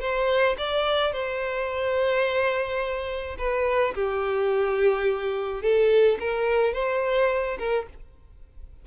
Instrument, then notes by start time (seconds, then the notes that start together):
violin
0.00 C5
0.58 D5
1.12 C5
3.38 B4
3.95 G4
5.62 A4
6.19 A#4
6.73 C5
7.58 A#4